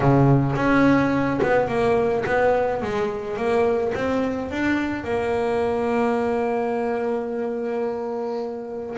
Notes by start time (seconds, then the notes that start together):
0.00 C#3
0.55 C#4
1.42 B3
1.68 A#3
2.25 B3
2.82 G#3
3.36 A#3
3.94 C4
4.50 D4
5.03 A#3